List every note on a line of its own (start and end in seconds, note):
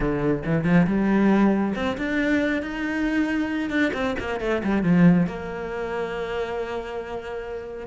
0.00 0.42 D3
0.45 0.64 E3
0.64 0.86 F3
0.86 1.74 G3
1.75 1.97 C4
1.97 2.62 D4
2.62 3.69 D#4
3.69 3.91 D4
3.93 4.15 C4
4.19 4.40 A#3
4.40 4.62 A3
4.63 4.83 G3
4.83 5.26 F3
5.27 7.87 A#3